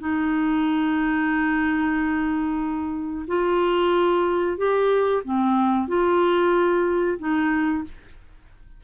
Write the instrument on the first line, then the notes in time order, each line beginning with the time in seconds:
clarinet
0.00 D#4
3.28 F4
4.58 G4
5.25 C4
5.88 F4
7.19 D#4